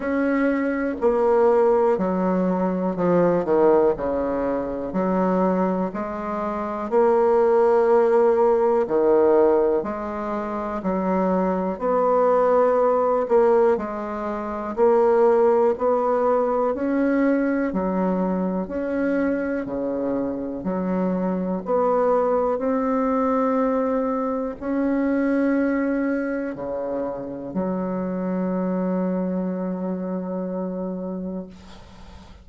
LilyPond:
\new Staff \with { instrumentName = "bassoon" } { \time 4/4 \tempo 4 = 61 cis'4 ais4 fis4 f8 dis8 | cis4 fis4 gis4 ais4~ | ais4 dis4 gis4 fis4 | b4. ais8 gis4 ais4 |
b4 cis'4 fis4 cis'4 | cis4 fis4 b4 c'4~ | c'4 cis'2 cis4 | fis1 | }